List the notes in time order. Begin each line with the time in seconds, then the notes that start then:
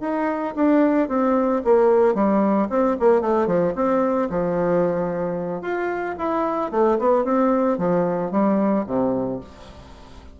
0.00 D#4
0.55 D4
1.08 C4
1.64 A#3
2.14 G3
2.70 C4
2.99 A#3
3.21 A3
3.47 F3
3.75 C4
4.29 F3
5.62 F4
6.18 E4
6.71 A3
6.99 B3
7.24 C4
7.78 F3
8.31 G3
8.86 C3